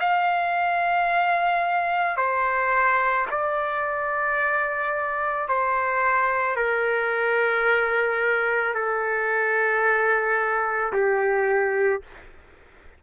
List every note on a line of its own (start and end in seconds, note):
0.00 2.16 F5
2.16 3.25 C5
3.30 5.48 D5
5.48 6.56 C5
6.56 8.74 A#4
8.74 10.92 A4
10.92 12.01 G4